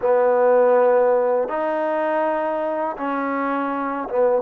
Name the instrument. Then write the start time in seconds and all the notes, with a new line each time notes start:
trombone
0.01 B3
1.48 D#4
2.97 C#4
4.09 B3